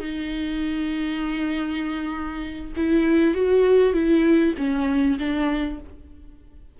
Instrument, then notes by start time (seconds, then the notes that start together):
viola
0.00 D#4
2.77 E4
3.35 F#4
3.94 E4
4.58 C#4
5.19 D4